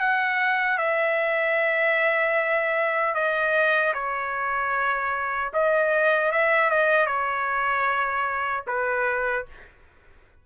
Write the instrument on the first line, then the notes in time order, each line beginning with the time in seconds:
trumpet
0.00 F#5
0.78 E5
3.15 D#5
3.94 C#5
5.54 D#5
6.32 E5
6.70 D#5
7.07 C#5
8.67 B4